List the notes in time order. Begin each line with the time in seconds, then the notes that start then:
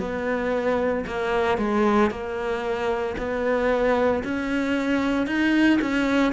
0.00 B3
1.07 A#3
1.58 G#3
2.11 A#3
3.18 B3
4.24 C#4
5.27 D#4
5.82 C#4